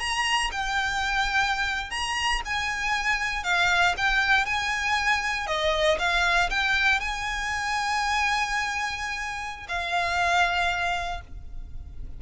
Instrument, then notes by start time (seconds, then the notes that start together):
violin
0.00 A#5
0.52 G5
1.91 A#5
2.46 G#5
3.44 F5
3.98 G5
4.46 G#5
5.48 D#5
5.99 F5
6.50 G5
7.01 G#5
9.69 F5